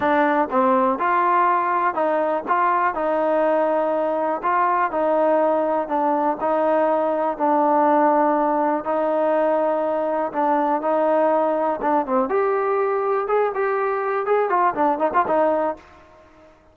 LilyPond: \new Staff \with { instrumentName = "trombone" } { \time 4/4 \tempo 4 = 122 d'4 c'4 f'2 | dis'4 f'4 dis'2~ | dis'4 f'4 dis'2 | d'4 dis'2 d'4~ |
d'2 dis'2~ | dis'4 d'4 dis'2 | d'8 c'8 g'2 gis'8 g'8~ | g'4 gis'8 f'8 d'8 dis'16 f'16 dis'4 | }